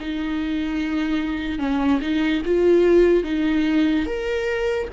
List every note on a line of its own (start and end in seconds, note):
0.00 1.59 D#4
1.59 2.00 C#4
2.01 2.42 D#4
2.45 3.24 F4
3.24 4.06 D#4
4.06 4.88 A#4